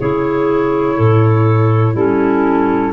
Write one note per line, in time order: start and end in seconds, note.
0.00 0.99 C#3
0.00 1.96 E4
0.00 0.96 G#4
0.00 1.96 C#5
0.96 1.95 A2
0.96 1.94 A4
1.94 2.93 G3
1.94 2.93 C#4
1.94 2.92 E4
1.94 2.93 A4